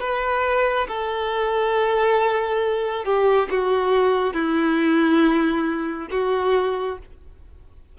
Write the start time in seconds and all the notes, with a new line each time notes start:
0.00 B4
0.88 A4
3.05 G4
3.50 F#4
4.34 E4
6.11 F#4